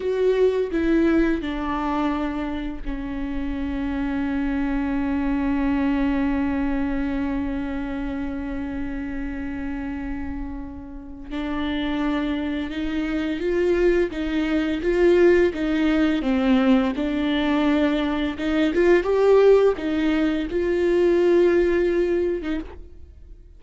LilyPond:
\new Staff \with { instrumentName = "viola" } { \time 4/4 \tempo 4 = 85 fis'4 e'4 d'2 | cis'1~ | cis'1~ | cis'1 |
d'2 dis'4 f'4 | dis'4 f'4 dis'4 c'4 | d'2 dis'8 f'8 g'4 | dis'4 f'2~ f'8. dis'16 | }